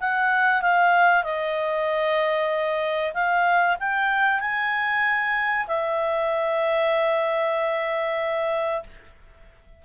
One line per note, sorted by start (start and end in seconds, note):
0.00 0.62 F#5
0.62 1.23 F5
1.23 3.13 D#5
3.13 3.77 F5
3.80 4.40 G5
4.40 5.66 G#5
5.67 8.83 E5